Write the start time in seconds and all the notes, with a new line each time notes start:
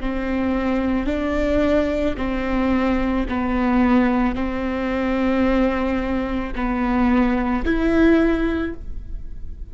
0.00 C4
1.06 D4
2.17 C4
3.28 B3
4.35 C4
6.55 B3
7.65 E4